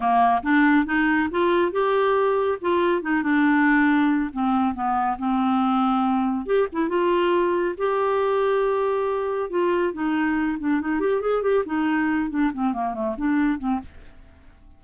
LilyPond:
\new Staff \with { instrumentName = "clarinet" } { \time 4/4 \tempo 4 = 139 ais4 d'4 dis'4 f'4 | g'2 f'4 dis'8 d'8~ | d'2 c'4 b4 | c'2. g'8 e'8 |
f'2 g'2~ | g'2 f'4 dis'4~ | dis'8 d'8 dis'8 g'8 gis'8 g'8 dis'4~ | dis'8 d'8 c'8 ais8 a8 d'4 c'8 | }